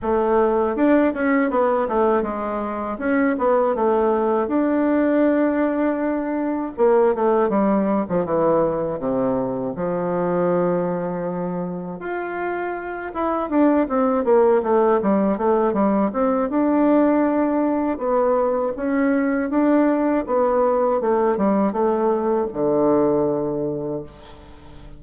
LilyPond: \new Staff \with { instrumentName = "bassoon" } { \time 4/4 \tempo 4 = 80 a4 d'8 cis'8 b8 a8 gis4 | cis'8 b8 a4 d'2~ | d'4 ais8 a8 g8. f16 e4 | c4 f2. |
f'4. e'8 d'8 c'8 ais8 a8 | g8 a8 g8 c'8 d'2 | b4 cis'4 d'4 b4 | a8 g8 a4 d2 | }